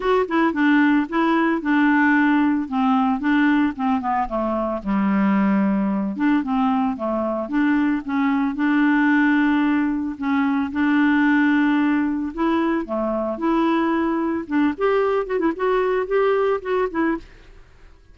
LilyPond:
\new Staff \with { instrumentName = "clarinet" } { \time 4/4 \tempo 4 = 112 fis'8 e'8 d'4 e'4 d'4~ | d'4 c'4 d'4 c'8 b8 | a4 g2~ g8 d'8 | c'4 a4 d'4 cis'4 |
d'2. cis'4 | d'2. e'4 | a4 e'2 d'8 g'8~ | g'8 fis'16 e'16 fis'4 g'4 fis'8 e'8 | }